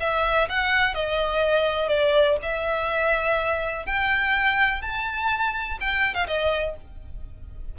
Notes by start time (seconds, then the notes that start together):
0.00 E5
0.49 F#5
0.94 D#5
1.88 D5
2.42 E5
3.86 G5
4.82 A5
5.80 G5
6.15 F5
6.27 D#5